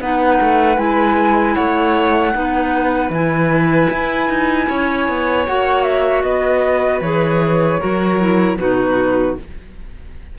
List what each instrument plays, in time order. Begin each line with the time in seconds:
0.00 cello B3, clarinet D#4, violin B4, flute F#5
0.41 cello A3
0.77 cello G#3, clarinet E4, flute G#5
1.55 cello A3, violin C#5, flute F#5
2.33 cello B3, clarinet D#4, violin B4
3.10 cello E3, clarinet E4, flute G#5
3.91 cello E4
4.29 cello D#4
4.69 cello C#4, violin C#5
5.09 cello B3
5.47 cello A#3, clarinet F#4, flute F#5
5.83 flute E5
6.22 cello B3, violin B4, flute D#5
7.01 cello E3, clarinet G#4, flute C#5
7.80 cello F#3, clarinet F#4, violin A#4
8.19 clarinet E4
8.57 cello B2, clarinet D#4, violin F#4, flute B4